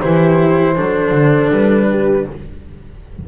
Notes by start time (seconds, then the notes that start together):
0.00 E3 E4 G4 C5
0.75 F#3 D4 A4
1.11 D3
1.50 G3 B4
1.90 G4